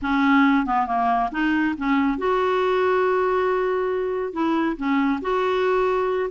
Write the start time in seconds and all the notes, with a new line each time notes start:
0.02 C#4
0.65 B3
0.86 A#3
1.31 D#4
1.77 C#4
2.17 F#4
4.32 E4
4.76 C#4
5.21 F#4